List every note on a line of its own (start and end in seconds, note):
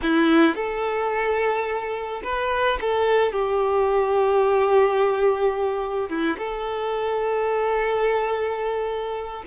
0.02 0.55 E4
0.55 2.21 A4
2.23 2.79 B4
2.80 3.32 A4
3.32 6.09 G4
6.09 6.36 E4
6.38 9.43 A4